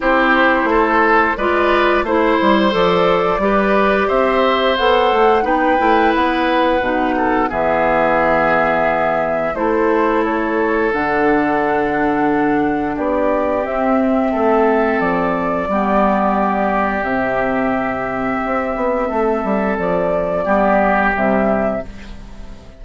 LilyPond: <<
  \new Staff \with { instrumentName = "flute" } { \time 4/4 \tempo 4 = 88 c''2 d''4 c''4 | d''2 e''4 fis''4 | g''4 fis''2 e''4~ | e''2 c''4 cis''4 |
fis''2. d''4 | e''2 d''2~ | d''4 e''2.~ | e''4 d''2 e''4 | }
  \new Staff \with { instrumentName = "oboe" } { \time 4/4 g'4 a'4 b'4 c''4~ | c''4 b'4 c''2 | b'2~ b'8 a'8 gis'4~ | gis'2 a'2~ |
a'2. g'4~ | g'4 a'2 g'4~ | g'1 | a'2 g'2 | }
  \new Staff \with { instrumentName = "clarinet" } { \time 4/4 e'2 f'4 e'4 | a'4 g'2 a'4 | dis'8 e'4. dis'4 b4~ | b2 e'2 |
d'1 | c'2. b4~ | b4 c'2.~ | c'2 b4 g4 | }
  \new Staff \with { instrumentName = "bassoon" } { \time 4/4 c'4 a4 gis4 a8 g8 | f4 g4 c'4 b8 a8 | b8 a8 b4 b,4 e4~ | e2 a2 |
d2. b4 | c'4 a4 f4 g4~ | g4 c2 c'8 b8 | a8 g8 f4 g4 c4 | }
>>